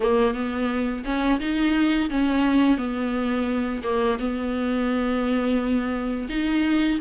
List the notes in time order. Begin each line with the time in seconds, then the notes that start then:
0.00 A#3
0.34 B3
1.05 C#4
1.40 D#4
2.10 C#4
2.77 B3
3.83 A#3
4.19 B3
6.29 D#4